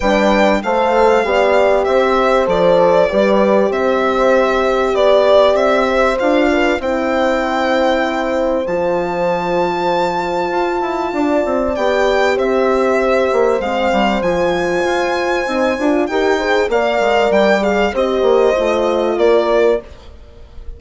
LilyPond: <<
  \new Staff \with { instrumentName = "violin" } { \time 4/4 \tempo 4 = 97 g''4 f''2 e''4 | d''2 e''2 | d''4 e''4 f''4 g''4~ | g''2 a''2~ |
a''2. g''4 | e''2 f''4 gis''4~ | gis''2 g''4 f''4 | g''8 f''8 dis''2 d''4 | }
  \new Staff \with { instrumentName = "horn" } { \time 4/4 b'4 c''4 d''4 c''4~ | c''4 b'4 c''2 | d''4. c''4 b'8 c''4~ | c''1~ |
c''2 d''2 | c''1~ | c''2 ais'8 c''8 d''4~ | d''4 c''2 ais'4 | }
  \new Staff \with { instrumentName = "horn" } { \time 4/4 d'4 a'4 g'2 | a'4 g'2.~ | g'2 f'4 e'4~ | e'2 f'2~ |
f'2. g'4~ | g'2 c'4 f'4~ | f'4 dis'8 f'8 g'8 gis'8 ais'4~ | ais'8 gis'8 g'4 f'2 | }
  \new Staff \with { instrumentName = "bassoon" } { \time 4/4 g4 a4 b4 c'4 | f4 g4 c'2 | b4 c'4 d'4 c'4~ | c'2 f2~ |
f4 f'8 e'8 d'8 c'8 b4 | c'4. ais8 gis8 g8 f4 | f'4 c'8 d'8 dis'4 ais8 gis8 | g4 c'8 ais8 a4 ais4 | }
>>